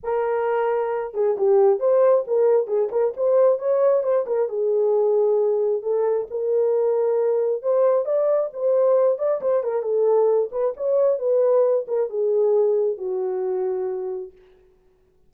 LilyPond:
\new Staff \with { instrumentName = "horn" } { \time 4/4 \tempo 4 = 134 ais'2~ ais'8 gis'8 g'4 | c''4 ais'4 gis'8 ais'8 c''4 | cis''4 c''8 ais'8 gis'2~ | gis'4 a'4 ais'2~ |
ais'4 c''4 d''4 c''4~ | c''8 d''8 c''8 ais'8 a'4. b'8 | cis''4 b'4. ais'8 gis'4~ | gis'4 fis'2. | }